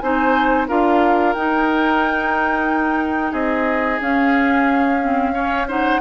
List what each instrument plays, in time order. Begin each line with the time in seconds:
0.00 bassoon C4, clarinet D#4, oboe C5, flute G#5
0.68 bassoon D4, clarinet F4, oboe A#4, flute F5
1.34 bassoon D#4, clarinet D#4, flute G5
3.32 bassoon C4, oboe G#4, flute D#5
4.01 bassoon C#4, clarinet C#4, flute F5
5.02 clarinet C4
5.34 clarinet C#4, oboe C#5
5.68 clarinet D#4, oboe C5, flute F#5